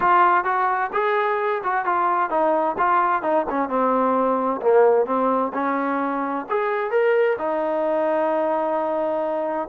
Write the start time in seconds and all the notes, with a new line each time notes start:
0.00 F4
0.44 F#4
0.92 G#4
1.63 F#4
1.85 F4
2.30 D#4
2.78 F4
3.22 D#4
3.49 C#4
3.68 C4
4.61 A#3
5.06 C4
5.53 C#4
6.49 G#4
6.90 A#4
7.38 D#4